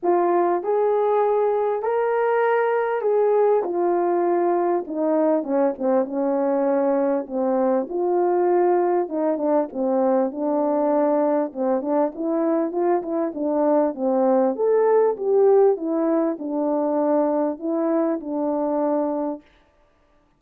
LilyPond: \new Staff \with { instrumentName = "horn" } { \time 4/4 \tempo 4 = 99 f'4 gis'2 ais'4~ | ais'4 gis'4 f'2 | dis'4 cis'8 c'8 cis'2 | c'4 f'2 dis'8 d'8 |
c'4 d'2 c'8 d'8 | e'4 f'8 e'8 d'4 c'4 | a'4 g'4 e'4 d'4~ | d'4 e'4 d'2 | }